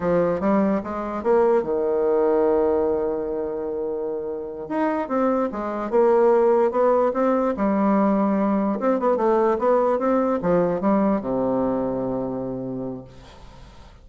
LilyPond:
\new Staff \with { instrumentName = "bassoon" } { \time 4/4 \tempo 4 = 147 f4 g4 gis4 ais4 | dis1~ | dis2.~ dis8 dis'8~ | dis'8 c'4 gis4 ais4.~ |
ais8 b4 c'4 g4.~ | g4. c'8 b8 a4 b8~ | b8 c'4 f4 g4 c8~ | c1 | }